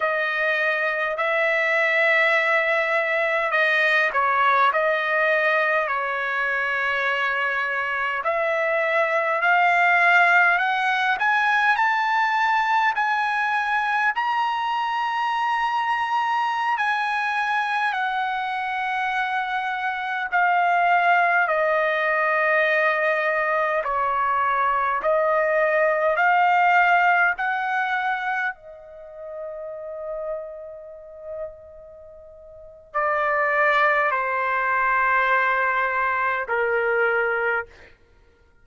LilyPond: \new Staff \with { instrumentName = "trumpet" } { \time 4/4 \tempo 4 = 51 dis''4 e''2 dis''8 cis''8 | dis''4 cis''2 e''4 | f''4 fis''8 gis''8 a''4 gis''4 | ais''2~ ais''16 gis''4 fis''8.~ |
fis''4~ fis''16 f''4 dis''4.~ dis''16~ | dis''16 cis''4 dis''4 f''4 fis''8.~ | fis''16 dis''2.~ dis''8. | d''4 c''2 ais'4 | }